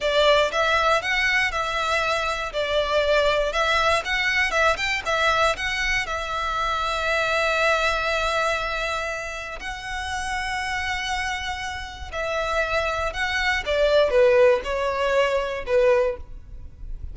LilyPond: \new Staff \with { instrumentName = "violin" } { \time 4/4 \tempo 4 = 119 d''4 e''4 fis''4 e''4~ | e''4 d''2 e''4 | fis''4 e''8 g''8 e''4 fis''4 | e''1~ |
e''2. fis''4~ | fis''1 | e''2 fis''4 d''4 | b'4 cis''2 b'4 | }